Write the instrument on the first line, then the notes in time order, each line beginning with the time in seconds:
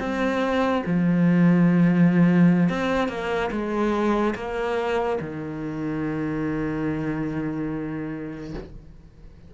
cello
0.00 C4
0.86 F3
2.69 C4
3.09 A#3
3.52 G#3
4.36 A#3
5.21 D#3